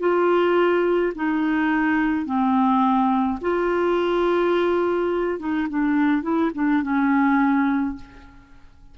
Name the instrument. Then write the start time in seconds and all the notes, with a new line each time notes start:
clarinet
0.00 F4
1.16 D#4
2.26 C4
3.42 F4
5.40 D#4
5.70 D4
6.23 E4
6.55 D4
6.83 C#4